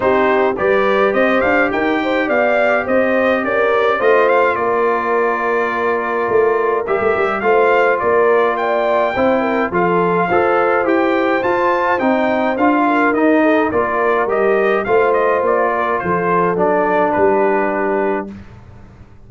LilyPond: <<
  \new Staff \with { instrumentName = "trumpet" } { \time 4/4 \tempo 4 = 105 c''4 d''4 dis''8 f''8 g''4 | f''4 dis''4 d''4 dis''8 f''8 | d''1 | e''4 f''4 d''4 g''4~ |
g''4 f''2 g''4 | a''4 g''4 f''4 dis''4 | d''4 dis''4 f''8 dis''8 d''4 | c''4 d''4 b'2 | }
  \new Staff \with { instrumentName = "horn" } { \time 4/4 g'4 b'4 c''4 ais'8 c''8 | d''4 c''4 ais'4 c''4 | ais'1~ | ais'4 c''4 ais'4 d''4 |
c''8 ais'8 a'4 c''2~ | c''2~ c''8 ais'4 a'8 | ais'2 c''4. ais'8 | a'2 g'2 | }
  \new Staff \with { instrumentName = "trombone" } { \time 4/4 dis'4 g'2.~ | g'2. f'4~ | f'1 | g'4 f'2. |
e'4 f'4 a'4 g'4 | f'4 dis'4 f'4 dis'4 | f'4 g'4 f'2~ | f'4 d'2. | }
  \new Staff \with { instrumentName = "tuba" } { \time 4/4 c'4 g4 c'8 d'8 dis'4 | b4 c'4 cis'4 a4 | ais2. a4 | g16 a16 g8 a4 ais2 |
c'4 f4 f'4 e'4 | f'4 c'4 d'4 dis'4 | ais4 g4 a4 ais4 | f4 fis4 g2 | }
>>